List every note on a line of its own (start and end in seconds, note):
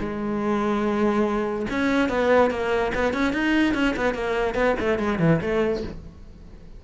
0.00 1.67 G#3
1.71 2.09 C#4
2.09 2.51 B3
2.51 2.93 A#3
2.95 3.14 B3
3.14 3.33 C#4
3.33 3.75 D#4
3.75 3.96 C#4
3.97 4.15 B3
4.15 4.55 A#3
4.55 4.76 B3
4.80 4.99 A3
4.99 5.20 G#3
5.20 5.41 E3
5.42 5.83 A3